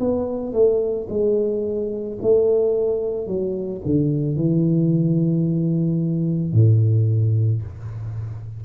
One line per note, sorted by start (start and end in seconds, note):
0.00 0.53 B3
0.53 1.08 A3
1.10 2.19 G#3
2.22 3.27 A3
3.27 3.82 F#3
3.86 4.37 D3
4.37 6.53 E3
6.53 7.62 A2